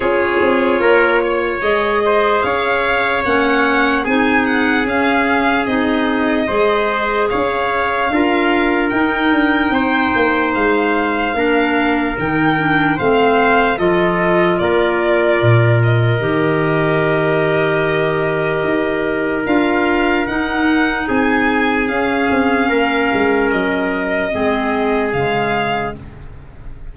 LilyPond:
<<
  \new Staff \with { instrumentName = "violin" } { \time 4/4 \tempo 4 = 74 cis''2 dis''4 f''4 | fis''4 gis''8 fis''8 f''4 dis''4~ | dis''4 f''2 g''4~ | g''4 f''2 g''4 |
f''4 dis''4 d''4. dis''8~ | dis''1 | f''4 fis''4 gis''4 f''4~ | f''4 dis''2 f''4 | }
  \new Staff \with { instrumentName = "trumpet" } { \time 4/4 gis'4 ais'8 cis''4 c''8 cis''4~ | cis''4 gis'2. | c''4 cis''4 ais'2 | c''2 ais'2 |
c''4 a'4 ais'2~ | ais'1~ | ais'2 gis'2 | ais'2 gis'2 | }
  \new Staff \with { instrumentName = "clarinet" } { \time 4/4 f'2 gis'2 | cis'4 dis'4 cis'4 dis'4 | gis'2 f'4 dis'4~ | dis'2 d'4 dis'8 d'8 |
c'4 f'2. | g'1 | f'4 dis'2 cis'4~ | cis'2 c'4 gis4 | }
  \new Staff \with { instrumentName = "tuba" } { \time 4/4 cis'8 c'8 ais4 gis4 cis'4 | ais4 c'4 cis'4 c'4 | gis4 cis'4 d'4 dis'8 d'8 | c'8 ais8 gis4 ais4 dis4 |
a4 f4 ais4 ais,4 | dis2. dis'4 | d'4 dis'4 c'4 cis'8 c'8 | ais8 gis8 fis4 gis4 cis4 | }
>>